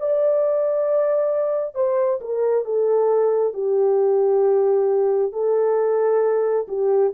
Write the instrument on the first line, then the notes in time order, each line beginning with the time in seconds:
horn
0.00 D5
1.75 C5
2.21 A#4
2.65 A4
3.54 G4
5.33 A4
6.68 G4